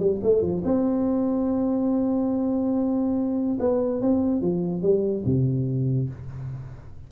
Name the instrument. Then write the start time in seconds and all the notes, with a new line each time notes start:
tuba
0.00 G3
0.23 A3
0.42 F3
0.65 C4
3.60 B3
4.02 C4
4.42 F3
4.83 G3
5.26 C3